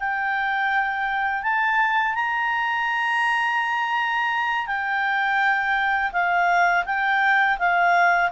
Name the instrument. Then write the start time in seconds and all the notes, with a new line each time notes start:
clarinet
0.00 G5
1.43 A5
2.15 A#5
4.67 G5
6.12 F5
6.86 G5
7.59 F5